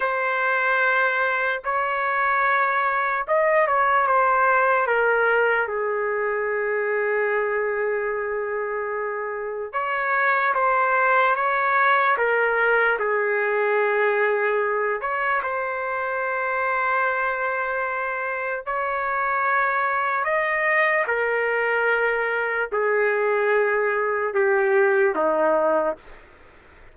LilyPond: \new Staff \with { instrumentName = "trumpet" } { \time 4/4 \tempo 4 = 74 c''2 cis''2 | dis''8 cis''8 c''4 ais'4 gis'4~ | gis'1 | cis''4 c''4 cis''4 ais'4 |
gis'2~ gis'8 cis''8 c''4~ | c''2. cis''4~ | cis''4 dis''4 ais'2 | gis'2 g'4 dis'4 | }